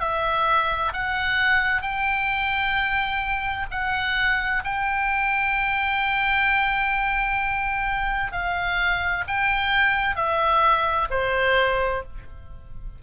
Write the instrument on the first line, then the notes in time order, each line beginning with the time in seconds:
oboe
0.00 E5
0.93 F#5
1.81 G5
3.70 F#5
4.64 G5
8.32 F5
9.27 G5
10.15 E5
11.10 C5